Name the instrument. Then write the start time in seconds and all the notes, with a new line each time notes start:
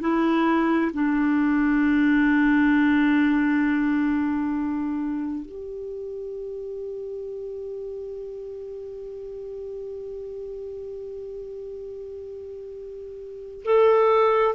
clarinet
0.00 E4
0.93 D4
5.45 G4
13.64 A4